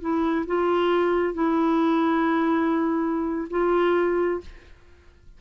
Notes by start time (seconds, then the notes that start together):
0.00 E4
0.46 F4
1.33 E4
3.50 F4